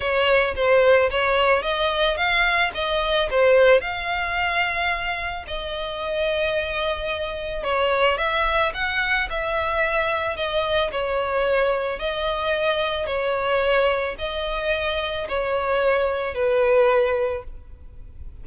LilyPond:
\new Staff \with { instrumentName = "violin" } { \time 4/4 \tempo 4 = 110 cis''4 c''4 cis''4 dis''4 | f''4 dis''4 c''4 f''4~ | f''2 dis''2~ | dis''2 cis''4 e''4 |
fis''4 e''2 dis''4 | cis''2 dis''2 | cis''2 dis''2 | cis''2 b'2 | }